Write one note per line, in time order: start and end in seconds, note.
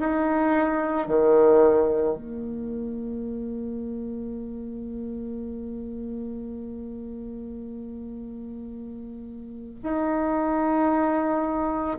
0.00 1.08 D#4
1.08 2.17 D#3
2.17 9.80 A#3
9.83 11.99 D#4